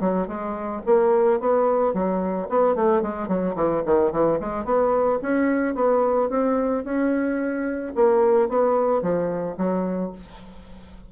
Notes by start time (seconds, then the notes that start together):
0.00 F#3
0.28 G#3
0.86 A#3
1.40 B3
1.94 F#3
2.49 B3
2.75 A3
3.02 G#3
3.28 F#3
3.56 E3
3.86 D#3
4.12 E3
4.40 G#3
4.65 B3
5.22 C#4
5.75 B3
6.30 C4
6.84 C#4
7.95 A#3
8.49 B3
9.02 F3
9.58 F#3